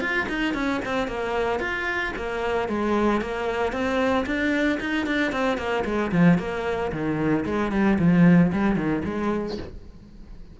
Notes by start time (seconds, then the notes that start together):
0.00 F4
0.28 D#4
0.54 C#4
0.85 C4
1.07 A#3
1.59 F4
2.16 A#3
2.68 G#3
3.21 A#3
3.72 C4
4.26 D4
4.80 D#4
5.06 D4
5.32 C4
5.57 A#3
5.84 G#3
6.11 F3
6.38 A#3
6.91 D#3
7.45 G#3
7.71 G3
7.99 F3
8.52 G3
8.76 D#3
9.04 G#3